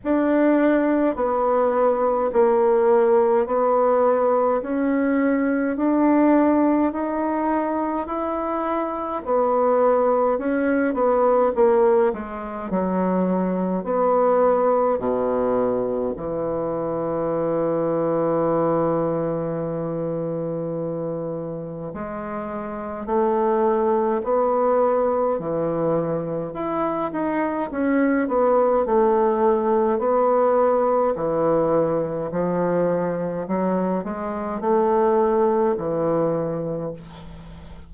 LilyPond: \new Staff \with { instrumentName = "bassoon" } { \time 4/4 \tempo 4 = 52 d'4 b4 ais4 b4 | cis'4 d'4 dis'4 e'4 | b4 cis'8 b8 ais8 gis8 fis4 | b4 b,4 e2~ |
e2. gis4 | a4 b4 e4 e'8 dis'8 | cis'8 b8 a4 b4 e4 | f4 fis8 gis8 a4 e4 | }